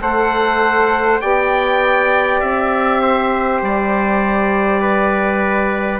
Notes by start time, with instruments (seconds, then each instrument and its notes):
0.00 bassoon A3, saxophone A4, trumpet C5, oboe F#5
1.21 bassoon B3, saxophone G4, trumpet D5, oboe G5
2.40 bassoon C4, oboe E5
3.02 trumpet C5
3.62 bassoon G3, oboe D5
4.81 trumpet B4